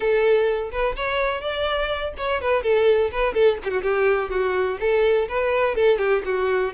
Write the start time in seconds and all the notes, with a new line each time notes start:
0.00 A4
0.71 B4
0.96 C#5
1.41 D5
2.17 C#5
2.41 B4
2.62 A4
3.11 B4
3.33 A4
3.64 F#4 G4
3.82 G4
4.29 F#4
4.80 A4
5.28 B4
5.75 A4
5.98 G4
6.25 F#4